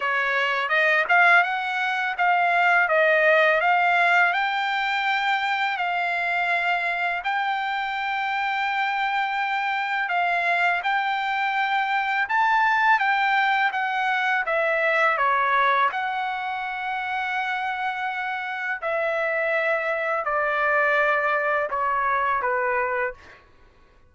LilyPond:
\new Staff \with { instrumentName = "trumpet" } { \time 4/4 \tempo 4 = 83 cis''4 dis''8 f''8 fis''4 f''4 | dis''4 f''4 g''2 | f''2 g''2~ | g''2 f''4 g''4~ |
g''4 a''4 g''4 fis''4 | e''4 cis''4 fis''2~ | fis''2 e''2 | d''2 cis''4 b'4 | }